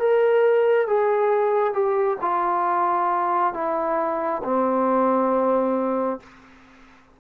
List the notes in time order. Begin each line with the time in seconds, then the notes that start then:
0.00 A#4
0.87 G#4
1.74 G4
2.21 F4
3.54 E4
4.44 C4